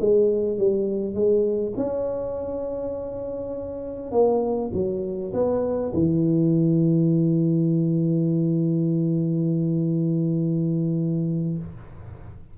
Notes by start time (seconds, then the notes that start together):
0.00 G#3
0.58 G3
1.14 G#3
1.77 C#4
4.12 A#3
4.73 F#3
5.33 B3
5.94 E3